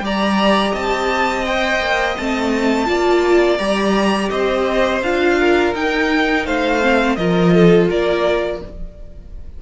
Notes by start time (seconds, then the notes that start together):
0.00 G3 G4 D5 A#5
0.72 C4 D#5 A5
1.45 C5 G5
1.79 A#3
2.16 A3 C4 A5
2.85 A#3 F4 D5
3.57 G3 G4 A#5
4.29 C4 C5 D#5
5.01 D4 F4 F5
5.40 A#4
5.74 D#4 G5
6.45 A3 C5 F5
6.81 C4
7.15 F3 F4 A#4 D#5
7.54 A4
7.89 A#3 A#4 D5